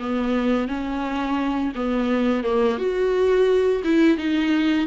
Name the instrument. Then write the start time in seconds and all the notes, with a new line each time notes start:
viola
0.00 B3
0.68 C#4
1.76 B3
2.44 A#3
2.78 F#4
3.84 E4
4.18 D#4